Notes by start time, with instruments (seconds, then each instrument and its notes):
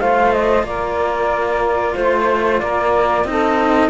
0.00 cello A3 F4, saxophone C5, flute F5
0.33 flute D#5
0.64 cello A#3, saxophone A#4, flute D5
1.94 cello A3, saxophone C5, flute C5
2.60 cello A#3, saxophone A#4, flute D5
3.24 cello C4 D#4, saxophone A4, flute D#5